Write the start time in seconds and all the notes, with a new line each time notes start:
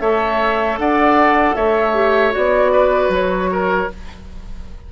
0.00 A3 A4 C#5 E5
0.78 D4 D5 F#5
1.56 A3 C#5 E5
1.94 G4
2.32 B3 F#4 D5
2.72 B4
3.09 F#3 C#5
3.53 A#4